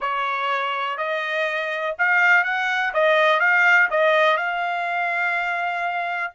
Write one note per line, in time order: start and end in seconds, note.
0.00 0.97 C#5
0.97 1.95 D#5
1.98 2.44 F5
2.44 2.92 F#5
2.93 3.39 D#5
3.39 3.88 F5
3.90 4.37 D#5
4.37 6.32 F5